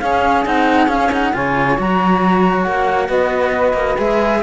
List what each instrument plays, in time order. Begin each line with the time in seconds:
0.00 cello C#4, saxophone G#4, flute F5
0.46 cello C4 D#4, flute F#5
0.88 cello C#4, flute F5
1.12 cello D#4, flute F#5
1.34 cello C#3 F4, saxophone C#5, flute G#5
1.78 cello F#3 F#4, flute A#5
2.63 cello A#3, flute F#5
3.08 cello B3, saxophone B4, flute D#5
3.74 cello A#3
3.99 cello G#3 G#4, flute E5